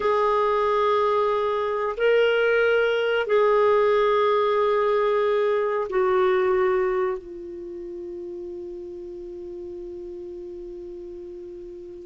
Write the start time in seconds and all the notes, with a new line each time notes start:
0.00 G#4
1.97 A#4
3.26 G#4
5.89 F#4
7.18 F4